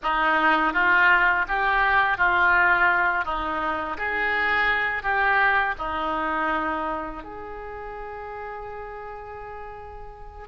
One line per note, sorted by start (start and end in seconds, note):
0.02 0.73 D#4
0.73 1.45 F4
1.48 2.17 G4
2.17 3.25 F4
3.25 3.97 D#4
3.97 5.02 G#4
5.02 5.75 G4
5.78 7.23 D#4
7.23 10.47 G#4